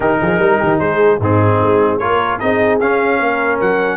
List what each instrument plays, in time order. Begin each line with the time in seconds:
0.00 tuba D#3, trombone D#4, horn G4, trumpet A#4
0.20 tuba F3, horn G#4
0.38 tuba G3, horn A#4
0.59 tuba D#3, horn G4
0.79 tuba G#3, horn G#4, trumpet C5
1.19 tuba G#2, trombone C4, horn D#4, trumpet G#4
1.61 tuba G#3
1.98 tuba A#3, trombone F4, horn A#4, trumpet C#5
2.39 tuba C4, trombone D#4, horn G#4, trumpet D#5
2.80 tuba C#4, trombone C#4, trumpet F5
3.19 tuba A#3, horn A#4
3.60 tuba F#3, trumpet F#5